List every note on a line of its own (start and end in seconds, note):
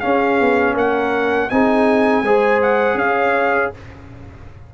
0.00 1.50 C#4
0.00 0.41 C#4
0.00 0.74 G#4
0.00 0.74 F5
0.41 0.75 B3
0.74 1.49 A#3
0.74 1.48 A#4
0.74 1.50 F#5
1.50 2.22 C4
1.50 2.25 D#4
1.50 2.24 G#4
1.50 2.61 G#5
2.22 2.95 G#3
2.22 3.74 G#4
2.22 2.98 C5
2.62 2.98 F#5
2.95 3.69 C#4
2.95 3.73 C#5
2.95 3.72 F5